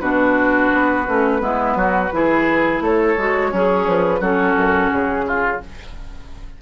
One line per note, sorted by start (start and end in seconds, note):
0.00 0.70 B2
0.00 1.06 D4
0.00 1.41 F#4
0.00 2.79 B4
0.73 1.08 B3
1.08 1.41 A3
1.08 1.40 C#4
1.40 1.76 G#3
1.40 2.10 B3
1.40 1.78 E4
1.76 2.10 F#3
1.76 2.13 F#4
2.13 2.81 E3
2.13 3.17 E4
2.13 2.84 G#4
2.81 3.16 A3
2.81 3.51 A4
2.81 3.89 C#5
3.18 3.53 G#3
3.18 3.53 F#4
3.51 3.87 F#3
3.51 4.21 C#4
3.51 4.21 G#4
3.87 4.21 F3
3.87 4.23 B4
4.21 4.56 F#3
4.21 5.61 C#4
4.21 5.26 F#4
4.21 4.91 A4
4.56 4.91 F#2
4.91 5.62 C#3
4.91 5.61 G#4
5.27 5.62 F4